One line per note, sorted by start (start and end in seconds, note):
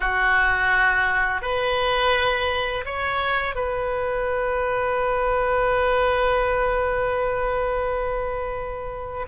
0.00 1.41 F#4
1.41 2.84 B4
2.85 3.55 C#5
3.55 9.26 B4